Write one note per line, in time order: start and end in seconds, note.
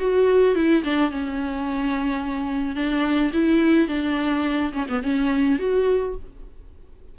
0.00 0.56 F#4
0.56 0.84 E4
0.85 1.11 D4
1.11 2.76 C#4
2.76 3.32 D4
3.34 3.89 E4
3.89 4.73 D4
4.73 4.87 C#4
4.89 5.03 B3
5.03 5.59 C#4
5.59 6.16 F#4